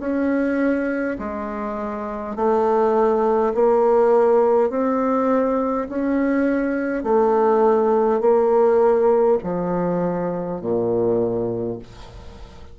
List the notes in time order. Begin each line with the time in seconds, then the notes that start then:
0.00 C#4
1.19 G#3
2.36 A3
3.55 A#3
4.71 C4
5.89 C#4
7.04 A3
8.21 A#3
9.44 F3
10.61 A#2